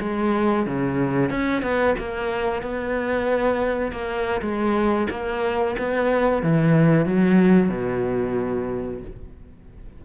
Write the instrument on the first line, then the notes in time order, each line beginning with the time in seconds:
cello
0.00 G#3
0.66 C#3
1.30 C#4
1.62 B3
1.98 A#3
2.62 B3
3.91 A#3
4.41 G#3
5.10 A#3
5.78 B3
6.42 E3
7.05 F#3
7.69 B2